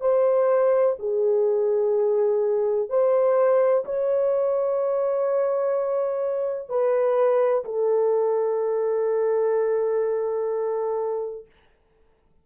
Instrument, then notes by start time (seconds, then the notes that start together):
horn
0.00 C5
0.99 G#4
2.89 C5
3.85 C#5
6.68 B4
7.64 A4